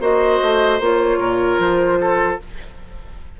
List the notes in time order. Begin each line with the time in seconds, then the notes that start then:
0.00 A#3 F#4 C5 D#5
0.42 A3
0.80 A#3 F4 C#5
1.18 A#2 A#4
1.59 F3 C5
2.00 A4